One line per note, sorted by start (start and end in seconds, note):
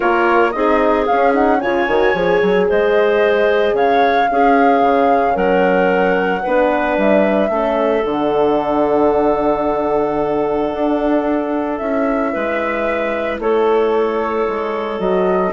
0.00 0.54 A#3
0.00 0.54 F4
0.00 0.53 A#4
0.00 0.51 C#5
0.51 1.08 C4
0.51 1.08 D#4
0.51 1.59 G#4
0.51 1.04 D#5
1.06 1.32 C#4
1.06 1.63 C#4
1.06 1.33 F5
1.32 1.59 D#4
1.32 1.60 F#5
1.59 1.87 C#3
1.59 1.89 F4
1.59 2.66 C#5
1.59 2.67 G#5
1.87 2.14 D#3
1.87 2.15 F#4
2.14 2.40 F3
2.14 4.29 G#4
2.42 2.69 F#3
2.68 3.73 G#3
2.68 3.75 C5
2.68 3.75 D#5
3.73 4.26 C#3
3.73 4.29 C#5
3.73 5.36 F5
4.30 6.45 C#4
4.30 4.81 C#4
4.30 5.34 G#4
4.81 5.35 C#3
5.34 6.43 F#3
5.34 6.41 A#4
5.34 6.97 F#5
6.42 6.97 B3
6.42 7.51 D4
6.42 7.49 B4
6.97 7.49 G3
6.97 8.05 E5
7.49 8.02 A3
7.49 8.04 C#4
7.49 12.33 A4
8.04 10.72 D3
8.04 11.79 D4
8.04 11.77 F#5
10.73 11.80 D4
11.77 12.34 C#4
11.77 14.98 E4
11.77 13.37 E5
12.33 13.39 G#3
12.33 13.40 B4
13.39 14.46 A3
13.39 15.53 A4
13.39 14.99 C#5
14.47 14.99 G#3
14.98 15.53 F#3
14.98 15.52 F#4
14.98 15.53 D#5